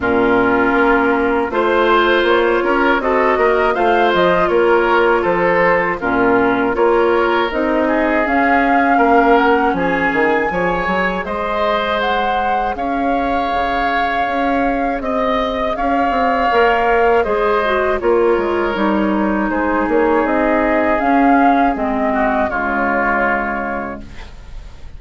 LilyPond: <<
  \new Staff \with { instrumentName = "flute" } { \time 4/4 \tempo 4 = 80 ais'2 c''4 cis''4 | dis''4 f''8 dis''8 cis''4 c''4 | ais'4 cis''4 dis''4 f''4~ | f''8 fis''8 gis''2 dis''4 |
fis''4 f''2. | dis''4 f''2 dis''4 | cis''2 c''8 cis''8 dis''4 | f''4 dis''4 cis''2 | }
  \new Staff \with { instrumentName = "oboe" } { \time 4/4 f'2 c''4. ais'8 | a'8 ais'8 c''4 ais'4 a'4 | f'4 ais'4. gis'4. | ais'4 gis'4 cis''4 c''4~ |
c''4 cis''2. | dis''4 cis''2 c''4 | ais'2 gis'2~ | gis'4. fis'8 f'2 | }
  \new Staff \with { instrumentName = "clarinet" } { \time 4/4 cis'2 f'2 | fis'4 f'2. | cis'4 f'4 dis'4 cis'4~ | cis'2 gis'2~ |
gis'1~ | gis'2 ais'4 gis'8 fis'8 | f'4 dis'2. | cis'4 c'4 gis2 | }
  \new Staff \with { instrumentName = "bassoon" } { \time 4/4 ais,4 ais4 a4 ais8 cis'8 | c'8 ais8 a8 f8 ais4 f4 | ais,4 ais4 c'4 cis'4 | ais4 f8 dis8 f8 fis8 gis4~ |
gis4 cis'4 cis4 cis'4 | c'4 cis'8 c'8 ais4 gis4 | ais8 gis8 g4 gis8 ais8 c'4 | cis'4 gis4 cis2 | }
>>